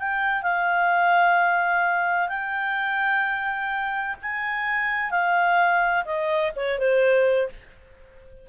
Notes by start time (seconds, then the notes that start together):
0.00 G5
0.43 F5
2.29 G5
4.23 G#5
5.11 F5
6.06 D#5
6.56 C#5
6.79 C5